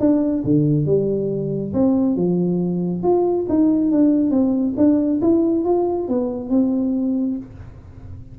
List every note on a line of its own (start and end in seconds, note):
0.00 0.43 D4
0.44 0.86 D3
0.86 1.73 G3
1.74 2.16 C4
2.16 3.03 F3
3.03 3.46 F4
3.49 3.91 D#4
3.91 4.31 D4
4.31 4.74 C4
4.77 5.20 D4
5.21 5.65 E4
5.65 6.08 F4
6.08 6.50 B3
6.50 7.37 C4